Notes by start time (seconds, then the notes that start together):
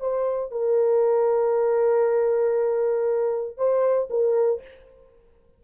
0.00 C5
0.52 A#4
3.57 C5
4.10 A#4